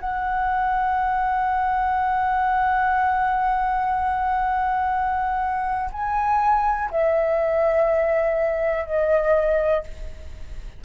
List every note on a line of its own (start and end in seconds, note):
0.00 5.90 F#5
5.92 6.90 G#5
6.91 8.85 E5
8.85 9.84 D#5